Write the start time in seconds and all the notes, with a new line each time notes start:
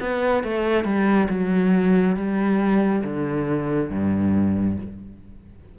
0.00 B3
0.43 A3
0.84 G3
1.29 F#3
2.16 G3
3.04 D3
3.90 G2